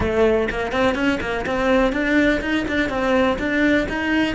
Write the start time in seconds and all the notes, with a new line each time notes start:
0.00 A3
0.50 A#3
0.72 C4
0.94 C#4
1.21 A#3
1.46 C4
1.92 D4
2.41 D#4
2.68 D4
2.89 C4
3.38 D4
3.88 D#4